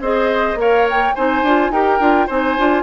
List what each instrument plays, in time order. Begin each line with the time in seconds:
0.00 bassoon C4, clarinet G#4, oboe C5, flute D#5
0.55 bassoon A#3, clarinet A#4, oboe C#5, flute F5
0.90 flute G5
1.15 bassoon C4, clarinet D#4, oboe C5, flute G#5
1.42 bassoon D4, clarinet F4
1.70 bassoon D#4, clarinet G4, oboe A#4, flute G5
1.99 bassoon D4, clarinet F4
2.26 bassoon C4, clarinet D#4, oboe C5, flute G#5
2.58 bassoon D4, clarinet F4